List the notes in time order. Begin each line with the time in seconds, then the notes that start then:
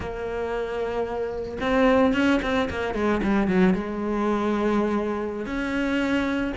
0.00 A#3
1.60 C4
2.13 C#4
2.42 C4
2.70 A#3
2.94 G#3
3.22 G3
3.47 F#3
3.74 G#3
5.46 C#4